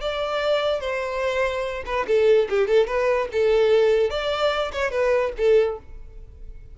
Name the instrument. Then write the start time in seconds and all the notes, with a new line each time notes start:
violin
0.00 D5
0.80 C5
1.85 B4
2.07 A4
2.49 G4
2.67 A4
2.87 B4
3.32 A4
4.10 D5
4.72 C#5
4.91 B4
5.37 A4